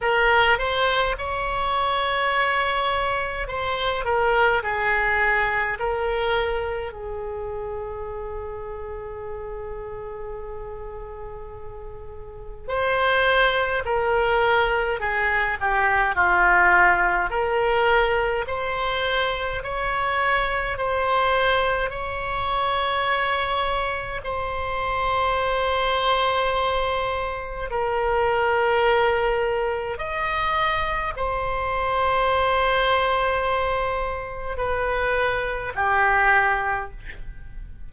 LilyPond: \new Staff \with { instrumentName = "oboe" } { \time 4/4 \tempo 4 = 52 ais'8 c''8 cis''2 c''8 ais'8 | gis'4 ais'4 gis'2~ | gis'2. c''4 | ais'4 gis'8 g'8 f'4 ais'4 |
c''4 cis''4 c''4 cis''4~ | cis''4 c''2. | ais'2 dis''4 c''4~ | c''2 b'4 g'4 | }